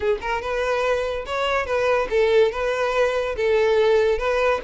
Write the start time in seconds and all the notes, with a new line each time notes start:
0.00 G#4
0.21 A#4
0.41 B4
1.25 C#5
1.66 B4
2.10 A4
2.51 B4
3.36 A4
4.18 B4